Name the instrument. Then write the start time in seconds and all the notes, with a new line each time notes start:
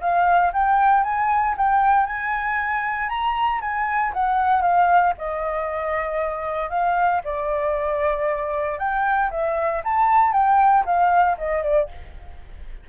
flute
0.00 F5
0.53 G5
1.03 G#5
1.57 G5
2.06 G#5
3.09 A#5
3.61 G#5
4.13 F#5
4.62 F5
5.17 D#5
6.69 F5
7.24 D5
8.78 G5
9.30 E5
9.84 A5
10.32 G5
10.85 F5
11.37 D#5
11.63 D5